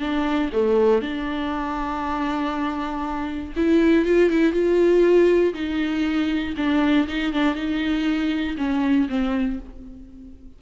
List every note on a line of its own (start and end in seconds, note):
0.00 0.50 D4
0.53 1.02 A3
1.02 3.54 D4
3.57 4.06 E4
4.06 4.31 F4
4.31 4.53 E4
4.53 5.54 F4
5.54 6.55 D#4
6.57 7.08 D4
7.08 7.33 D#4
7.33 7.55 D4
7.55 8.56 D#4
8.58 9.08 C#4
9.09 9.60 C4